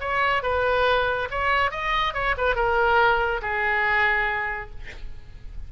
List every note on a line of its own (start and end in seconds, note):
0.00 0.42 C#5
0.42 1.28 B4
1.30 1.71 C#5
1.71 2.14 D#5
2.14 2.35 C#5
2.37 2.55 B4
2.55 3.41 A#4
3.41 4.70 G#4